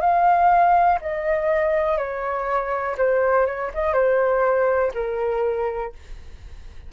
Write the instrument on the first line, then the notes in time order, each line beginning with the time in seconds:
flute
0.00 F5
1.01 D#5
1.97 C#5
2.97 C5
3.46 C#5
3.73 D#5
3.93 C5
4.94 A#4